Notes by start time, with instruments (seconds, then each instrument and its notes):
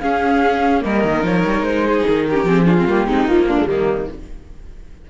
0.00 viola C#4, cello C#4, violin G#4, flute F5
0.81 cello G3, viola A#3, violin A#4, flute D#5
1.04 cello D#3
1.21 cello F3, viola D#4, flute C#5
1.45 cello G3
1.61 cello G#3, flute C5
1.87 violin G#4
2.08 cello D#3, flute A#4
2.30 viola C#4, violin G4
2.44 cello F3, viola C4, flute G#4
2.66 viola D4, violin F4
2.78 viola C4
2.87 cello G3, viola A#3, flute G4
3.06 cello G#3, viola C4, violin D#4
3.25 viola F3, cello A#3, flute F4
3.47 viola A#3, violin D4
3.58 viola G#3
3.66 cello D#3, viola G3, violin A#3, flute D#4